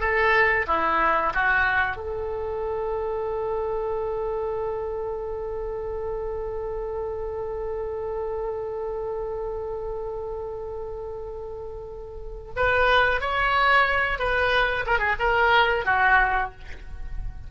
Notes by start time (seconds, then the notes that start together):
0.00 A4
0.67 E4
1.34 F#4
1.97 A4
12.56 B4
13.21 C#5
14.19 B4
14.87 A#4
14.99 G#4
15.19 A#4
15.85 F#4